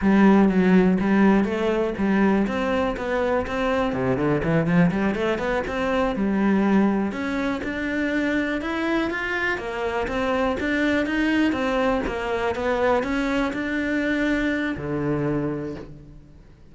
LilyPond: \new Staff \with { instrumentName = "cello" } { \time 4/4 \tempo 4 = 122 g4 fis4 g4 a4 | g4 c'4 b4 c'4 | c8 d8 e8 f8 g8 a8 b8 c'8~ | c'8 g2 cis'4 d'8~ |
d'4. e'4 f'4 ais8~ | ais8 c'4 d'4 dis'4 c'8~ | c'8 ais4 b4 cis'4 d'8~ | d'2 d2 | }